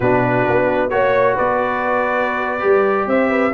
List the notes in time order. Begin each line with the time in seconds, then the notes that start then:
0.00 B2 D4 F#4 B4
0.49 B3
0.89 A#3 F#4 C#5
1.35 B3 B4 D5
2.59 G3 G4
3.06 C4 C5 E5
3.30 B4